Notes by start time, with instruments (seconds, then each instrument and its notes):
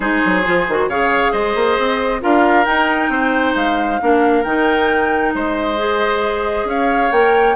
0.00 bassoon G#3, clarinet D#4, oboe G#4, flute C5
0.25 bassoon F#3
0.45 bassoon F3, clarinet F4
0.68 bassoon D#3, clarinet F#4
0.87 bassoon C#3, clarinet G#4, oboe C#5, flute F5
1.32 bassoon G#3, oboe C5, flute D#5
1.55 bassoon A#3
1.78 bassoon C4
2.20 bassoon D4, clarinet F4, oboe A#4, flute F5
2.64 bassoon D#4, clarinet D#4, flute G5
3.08 bassoon C4, oboe C5
3.55 bassoon G#3, flute F5
4.00 bassoon A#3, clarinet D4, oboe A#4
4.43 bassoon D#3, clarinet D#4, flute G5
5.34 bassoon G#3, oboe C5, flute D#5
5.77 clarinet G#4
6.64 bassoon C#4, oboe C#5, flute F5
7.11 bassoon A#3, clarinet A#4, flute G5